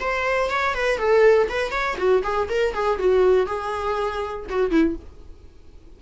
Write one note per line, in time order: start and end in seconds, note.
0.00 0.50 C5
0.50 0.75 C#5
0.75 0.98 B4
0.98 1.48 A4
1.49 1.71 B4
1.71 1.96 C#5
1.97 2.23 F#4
2.23 2.48 G#4
2.49 2.74 A#4
2.74 2.99 G#4
2.99 3.46 F#4
3.46 4.46 G#4
4.49 4.71 F#4
4.71 4.96 E4